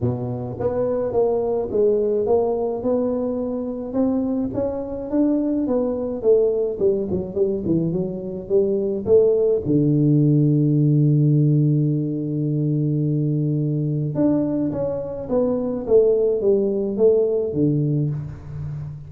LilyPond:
\new Staff \with { instrumentName = "tuba" } { \time 4/4 \tempo 4 = 106 b,4 b4 ais4 gis4 | ais4 b2 c'4 | cis'4 d'4 b4 a4 | g8 fis8 g8 e8 fis4 g4 |
a4 d2.~ | d1~ | d4 d'4 cis'4 b4 | a4 g4 a4 d4 | }